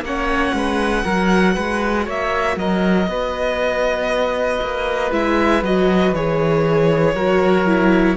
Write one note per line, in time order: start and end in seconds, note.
0.00 0.51 A#3
0.00 1.05 C#4
0.00 0.56 C#5
0.00 2.08 F#5
0.53 1.04 G#3
0.53 1.04 B4
1.04 1.56 F#3
1.04 5.11 F#4
1.04 1.54 A#4
1.54 2.07 G#3
1.54 2.04 B4
2.04 2.56 A#3
2.04 2.55 C#5
2.04 2.58 E5
2.56 3.07 F#3
2.56 3.08 A#4
2.56 5.12 D#5
3.07 4.59 B3
3.07 7.15 B4
4.61 5.11 A#3
5.11 5.62 G#3
5.11 5.62 E4
5.11 5.63 E5
5.62 6.12 F#3
5.62 6.14 F#4
5.62 6.14 D#5
6.12 7.14 E3
6.12 7.15 G#4
6.12 8.16 C#5
7.14 8.16 F#3
7.14 7.66 F#4
7.14 8.16 A#4
7.66 8.16 E4